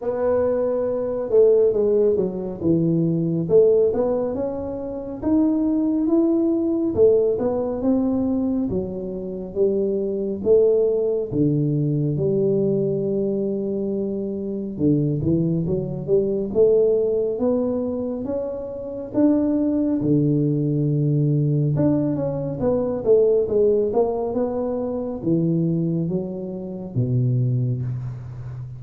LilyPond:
\new Staff \with { instrumentName = "tuba" } { \time 4/4 \tempo 4 = 69 b4. a8 gis8 fis8 e4 | a8 b8 cis'4 dis'4 e'4 | a8 b8 c'4 fis4 g4 | a4 d4 g2~ |
g4 d8 e8 fis8 g8 a4 | b4 cis'4 d'4 d4~ | d4 d'8 cis'8 b8 a8 gis8 ais8 | b4 e4 fis4 b,4 | }